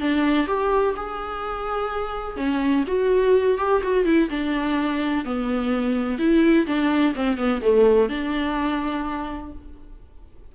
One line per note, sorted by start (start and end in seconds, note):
0.00 0.47 D4
0.47 0.95 G4
0.96 2.36 G#4
2.36 2.84 C#4
2.87 3.58 F#4
3.58 3.82 G4
3.83 4.05 F#4
4.05 4.29 E4
4.30 5.25 D4
5.25 6.18 B3
6.18 6.66 E4
6.66 7.14 D4
7.15 7.37 C4
7.37 7.61 B3
7.61 8.09 A3
8.09 9.52 D4